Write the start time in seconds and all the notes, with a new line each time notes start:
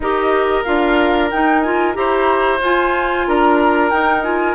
0.00 D#4 G4 A#4 D#5
0.64 D4 F4 F5
1.31 D#4 G5
1.61 F4 G#5
1.94 E4 G4 C5 A#5
2.60 F4 G#5
3.27 D4 A#4 A#5
3.90 D#4 G5
4.23 F4 G#5